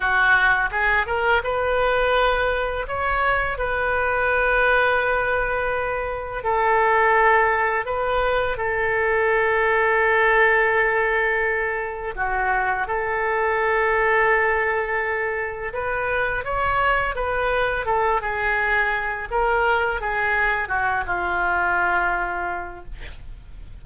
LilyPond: \new Staff \with { instrumentName = "oboe" } { \time 4/4 \tempo 4 = 84 fis'4 gis'8 ais'8 b'2 | cis''4 b'2.~ | b'4 a'2 b'4 | a'1~ |
a'4 fis'4 a'2~ | a'2 b'4 cis''4 | b'4 a'8 gis'4. ais'4 | gis'4 fis'8 f'2~ f'8 | }